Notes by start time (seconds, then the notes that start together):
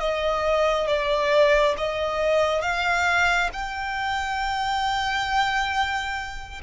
0.00 D#5
0.87 D5
1.78 D#5
2.62 F5
3.53 G5